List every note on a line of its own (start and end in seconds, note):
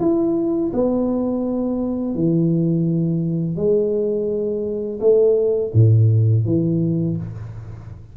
0.00 0.71 E4
0.73 2.15 B3
2.15 3.57 E3
3.57 5.00 G#3
5.00 5.71 A3
5.74 6.45 A2
6.45 7.17 E3